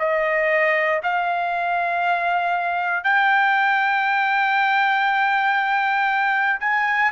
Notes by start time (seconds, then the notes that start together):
0.00 D#5
1.04 F5
3.04 G5
6.61 G#5